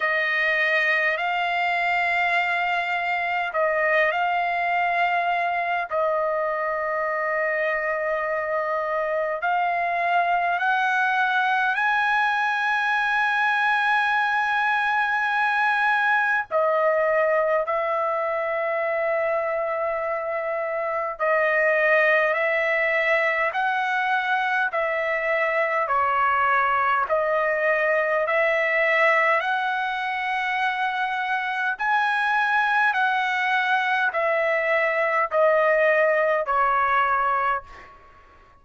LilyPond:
\new Staff \with { instrumentName = "trumpet" } { \time 4/4 \tempo 4 = 51 dis''4 f''2 dis''8 f''8~ | f''4 dis''2. | f''4 fis''4 gis''2~ | gis''2 dis''4 e''4~ |
e''2 dis''4 e''4 | fis''4 e''4 cis''4 dis''4 | e''4 fis''2 gis''4 | fis''4 e''4 dis''4 cis''4 | }